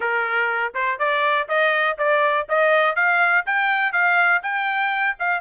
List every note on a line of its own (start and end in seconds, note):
0.00 0.73 A#4
0.74 0.98 C5
0.99 1.48 D5
1.48 1.97 D#5
1.98 2.47 D5
2.48 2.95 D#5
2.95 3.44 F5
3.46 3.92 G5
3.92 4.41 F5
4.42 5.16 G5
5.19 5.40 F5